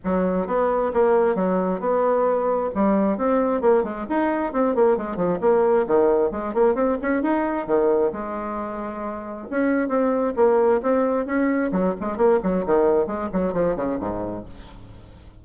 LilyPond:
\new Staff \with { instrumentName = "bassoon" } { \time 4/4 \tempo 4 = 133 fis4 b4 ais4 fis4 | b2 g4 c'4 | ais8 gis8 dis'4 c'8 ais8 gis8 f8 | ais4 dis4 gis8 ais8 c'8 cis'8 |
dis'4 dis4 gis2~ | gis4 cis'4 c'4 ais4 | c'4 cis'4 fis8 gis8 ais8 fis8 | dis4 gis8 fis8 f8 cis8 gis,4 | }